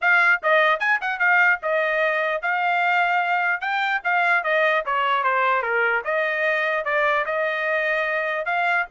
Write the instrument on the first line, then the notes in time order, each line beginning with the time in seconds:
trumpet
0.01 F5
0.42 D#5
0.79 G#5
1.01 F#5
1.19 F5
1.62 D#5
2.42 F5
3.61 G5
4.04 F5
4.43 D#5
4.85 C#5
5.23 C5
5.62 A#4
6.04 D#5
6.85 D5
7.25 D#5
8.45 F5